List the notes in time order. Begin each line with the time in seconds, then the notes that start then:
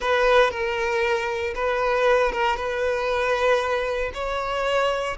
0.00 B4
0.50 A#4
1.54 B4
2.32 A#4
2.56 B4
4.14 C#5